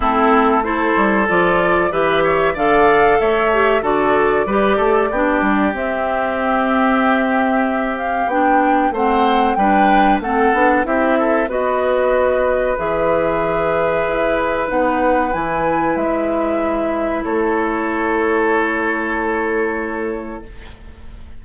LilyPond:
<<
  \new Staff \with { instrumentName = "flute" } { \time 4/4 \tempo 4 = 94 a'4 c''4 d''4 e''4 | f''4 e''4 d''2~ | d''4 e''2.~ | e''8 f''8 g''4 fis''4 g''4 |
fis''4 e''4 dis''2 | e''2. fis''4 | gis''4 e''2 cis''4~ | cis''1 | }
  \new Staff \with { instrumentName = "oboe" } { \time 4/4 e'4 a'2 b'8 cis''8 | d''4 cis''4 a'4 b'8 a'8 | g'1~ | g'2 c''4 b'4 |
a'4 g'8 a'8 b'2~ | b'1~ | b'2. a'4~ | a'1 | }
  \new Staff \with { instrumentName = "clarinet" } { \time 4/4 c'4 e'4 f'4 g'4 | a'4. g'8 fis'4 g'4 | d'4 c'2.~ | c'4 d'4 c'4 d'4 |
c'8 d'8 e'4 fis'2 | gis'2. dis'4 | e'1~ | e'1 | }
  \new Staff \with { instrumentName = "bassoon" } { \time 4/4 a4. g8 f4 e4 | d4 a4 d4 g8 a8 | b8 g8 c'2.~ | c'4 b4 a4 g4 |
a8 b8 c'4 b2 | e2 e'4 b4 | e4 gis2 a4~ | a1 | }
>>